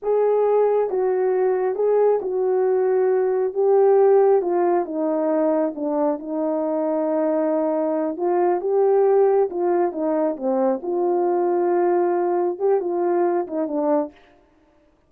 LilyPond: \new Staff \with { instrumentName = "horn" } { \time 4/4 \tempo 4 = 136 gis'2 fis'2 | gis'4 fis'2. | g'2 f'4 dis'4~ | dis'4 d'4 dis'2~ |
dis'2~ dis'8 f'4 g'8~ | g'4. f'4 dis'4 c'8~ | c'8 f'2.~ f'8~ | f'8 g'8 f'4. dis'8 d'4 | }